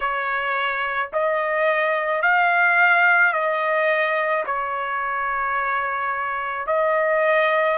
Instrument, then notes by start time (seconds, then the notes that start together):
trumpet
0.00 C#5
1.12 D#5
2.22 F5
3.32 D#5
4.45 C#5
6.66 D#5